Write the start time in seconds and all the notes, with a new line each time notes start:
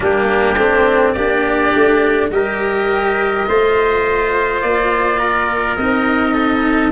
0.00 G3 A#3 D4 G4
0.56 A3 C4
1.12 A#3 D4 G4 D5
1.74 A3
2.30 G3 G4 A#4 D#5
3.46 A3 F4 C5
4.61 A#3 D5
5.19 A#4
5.76 C4 D#4 D#5
6.33 A4